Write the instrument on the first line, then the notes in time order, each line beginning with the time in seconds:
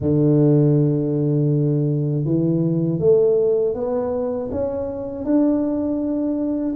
tuba
0.00 D3
2.25 E3
2.99 A3
3.74 B3
4.51 C#4
5.24 D4